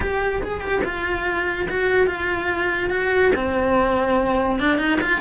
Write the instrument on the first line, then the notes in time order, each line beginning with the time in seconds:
cello
0.00 G4
0.43 G#4
0.60 G4
0.84 F4
1.69 F#4
2.07 F4
2.90 F#4
3.35 C4
4.59 D4
4.78 D#4
5.01 F4